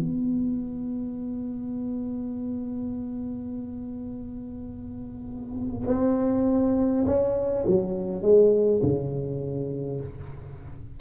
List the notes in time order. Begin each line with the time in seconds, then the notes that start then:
0.00 B3
5.88 C4
7.06 C#4
7.67 F#3
8.22 G#3
8.83 C#3